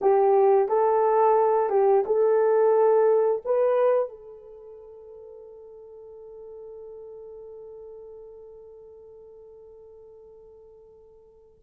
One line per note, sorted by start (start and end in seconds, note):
0.01 0.68 G4
0.68 1.69 A4
1.69 2.03 G4
2.05 3.42 A4
3.44 4.08 B4
4.08 11.58 A4